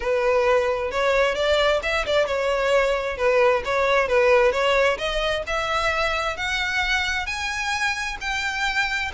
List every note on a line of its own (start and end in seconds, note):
0.00 0.91 B4
0.91 1.35 C#5
1.35 1.80 D5
1.82 2.05 E5
2.06 2.26 D5
2.26 3.17 C#5
3.17 3.62 B4
3.64 4.07 C#5
4.07 4.52 B4
4.52 4.97 C#5
4.98 5.43 D#5
5.47 6.36 E5
6.36 7.26 F#5
7.26 8.17 G#5
8.20 9.11 G5